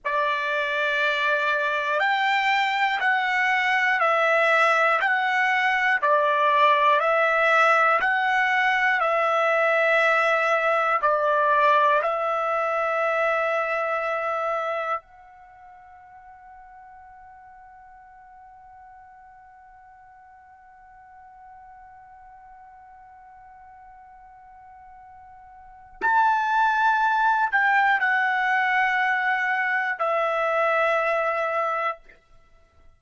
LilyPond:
\new Staff \with { instrumentName = "trumpet" } { \time 4/4 \tempo 4 = 60 d''2 g''4 fis''4 | e''4 fis''4 d''4 e''4 | fis''4 e''2 d''4 | e''2. fis''4~ |
fis''1~ | fis''1~ | fis''2 a''4. g''8 | fis''2 e''2 | }